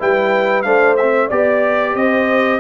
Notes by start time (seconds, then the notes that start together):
0.00 G3 E4 B4 G5
0.63 A3 D4 C5 F5
0.97 C4 E5
1.29 B3 G4 D5
1.96 C4 C5 D#5